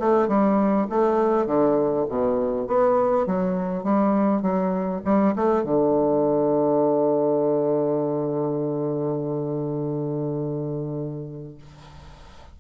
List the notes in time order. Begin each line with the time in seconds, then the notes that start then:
0.00 A3
0.28 G3
0.90 A3
1.47 D3
2.10 B2
2.68 B3
3.27 F#3
3.84 G3
4.42 F#3
5.05 G3
5.36 A3
5.64 D3